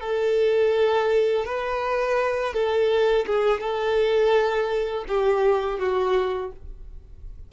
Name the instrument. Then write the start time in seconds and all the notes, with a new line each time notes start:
violin
0.00 A4
1.45 B4
2.53 A4
3.26 G#4
3.60 A4
5.08 G4
5.79 F#4